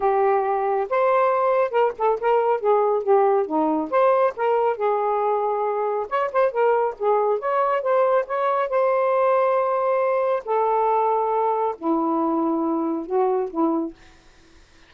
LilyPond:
\new Staff \with { instrumentName = "saxophone" } { \time 4/4 \tempo 4 = 138 g'2 c''2 | ais'8 a'8 ais'4 gis'4 g'4 | dis'4 c''4 ais'4 gis'4~ | gis'2 cis''8 c''8 ais'4 |
gis'4 cis''4 c''4 cis''4 | c''1 | a'2. e'4~ | e'2 fis'4 e'4 | }